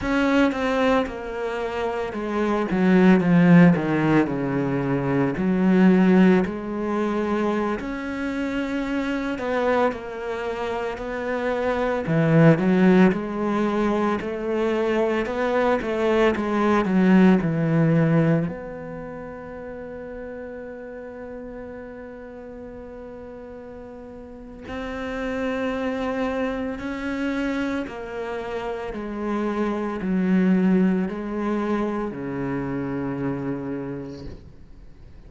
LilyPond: \new Staff \with { instrumentName = "cello" } { \time 4/4 \tempo 4 = 56 cis'8 c'8 ais4 gis8 fis8 f8 dis8 | cis4 fis4 gis4~ gis16 cis'8.~ | cis'8. b8 ais4 b4 e8 fis16~ | fis16 gis4 a4 b8 a8 gis8 fis16~ |
fis16 e4 b2~ b8.~ | b2. c'4~ | c'4 cis'4 ais4 gis4 | fis4 gis4 cis2 | }